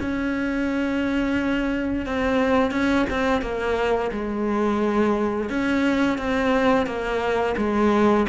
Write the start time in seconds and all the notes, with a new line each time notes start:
0.00 C#4
2.06 C4
2.71 C#4
3.10 C4
3.42 A#3
4.12 G#3
5.50 C#4
6.18 C4
6.86 A#3
7.57 G#3